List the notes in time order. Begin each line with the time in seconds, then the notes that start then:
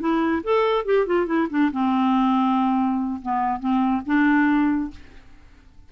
0.00 E4
0.44 A4
0.85 G4
1.06 F4
1.26 E4
1.50 D4
1.72 C4
3.22 B3
3.60 C4
4.06 D4